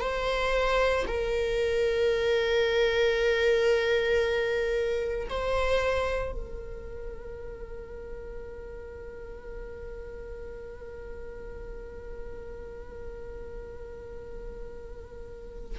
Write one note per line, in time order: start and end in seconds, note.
0.00 1.05 C5
1.07 5.28 A#4
5.29 6.32 C5
6.32 15.79 A#4